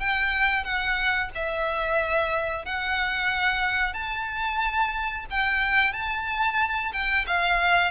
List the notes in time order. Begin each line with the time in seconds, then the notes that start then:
0.00 G5
0.64 F#5
1.35 E5
2.66 F#5
3.94 A5
5.31 G5
5.93 A5
6.93 G5
7.27 F5